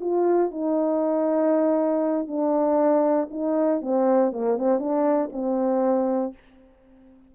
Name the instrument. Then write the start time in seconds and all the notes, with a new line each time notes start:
horn
0.00 F4
0.51 D#4
2.27 D4
3.30 D#4
3.81 C4
4.32 A#3
4.57 C4
4.79 D4
5.32 C4